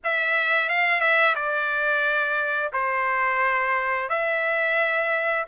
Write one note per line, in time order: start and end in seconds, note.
0.04 0.69 E5
0.69 1.00 F5
1.00 1.35 E5
1.35 2.71 D5
2.73 4.09 C5
4.09 5.45 E5